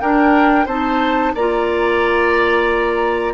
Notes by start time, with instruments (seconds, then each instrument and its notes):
0.00 clarinet D4, bassoon D4, oboe A#4, flute G5
0.66 bassoon C4, clarinet D#4, oboe C5, flute A5
1.35 bassoon A#3, clarinet F4, oboe D5, flute A#5